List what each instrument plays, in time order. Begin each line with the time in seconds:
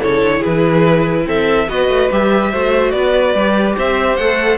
0.00 cello C#3, viola E4, violin A4 C#5
0.22 cello D3
0.39 violin G#4 B4
0.47 cello E3
1.26 cello C4, violin A4 E5
1.68 cello B3, viola F#4, violin B4 D#5
1.89 cello A3
2.12 cello G3, viola G4, violin E5
2.52 cello A3, viola F#4, violin C5
2.91 cello B3, violin B4 D5
3.35 cello G3, viola G4
3.77 cello C4, violin C5 E5
4.17 cello A3, viola A4, violin F#5